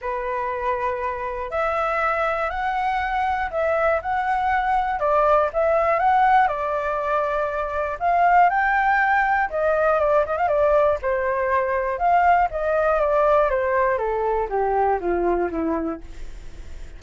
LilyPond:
\new Staff \with { instrumentName = "flute" } { \time 4/4 \tempo 4 = 120 b'2. e''4~ | e''4 fis''2 e''4 | fis''2 d''4 e''4 | fis''4 d''2. |
f''4 g''2 dis''4 | d''8 dis''16 f''16 d''4 c''2 | f''4 dis''4 d''4 c''4 | a'4 g'4 f'4 e'4 | }